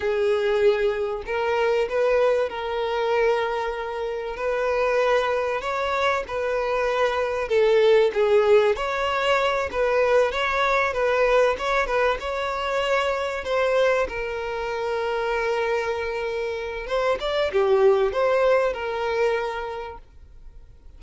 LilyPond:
\new Staff \with { instrumentName = "violin" } { \time 4/4 \tempo 4 = 96 gis'2 ais'4 b'4 | ais'2. b'4~ | b'4 cis''4 b'2 | a'4 gis'4 cis''4. b'8~ |
b'8 cis''4 b'4 cis''8 b'8 cis''8~ | cis''4. c''4 ais'4.~ | ais'2. c''8 d''8 | g'4 c''4 ais'2 | }